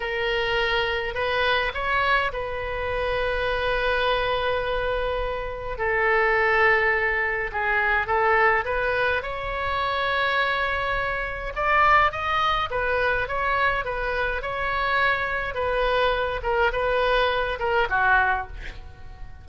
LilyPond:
\new Staff \with { instrumentName = "oboe" } { \time 4/4 \tempo 4 = 104 ais'2 b'4 cis''4 | b'1~ | b'2 a'2~ | a'4 gis'4 a'4 b'4 |
cis''1 | d''4 dis''4 b'4 cis''4 | b'4 cis''2 b'4~ | b'8 ais'8 b'4. ais'8 fis'4 | }